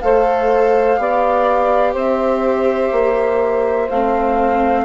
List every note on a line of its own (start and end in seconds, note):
0.00 0.98 A3
0.00 0.97 A4
0.00 0.99 C5
0.00 1.94 F5
0.97 1.94 B3
0.97 3.87 G4
0.97 1.92 D5
1.92 2.91 C4
1.92 4.83 C5
1.92 3.89 E5
2.92 3.88 A#3
3.89 4.84 A3
3.89 4.84 C4
3.89 4.84 F5